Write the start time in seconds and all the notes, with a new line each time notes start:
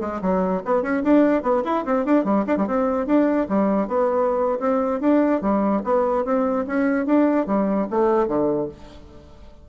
0.00 G#3
0.21 F#3
0.65 B3
0.82 C#4
1.03 D4
1.42 B3
1.64 E4
1.85 C4
2.05 D4
2.24 G3
2.47 D4
2.57 G3
2.67 C4
3.06 D4
3.49 G3
3.88 B3
4.60 C4
5.00 D4
5.41 G3
5.84 B3
6.24 C4
6.67 C#4
7.06 D4
7.46 G3
7.90 A3
8.27 D3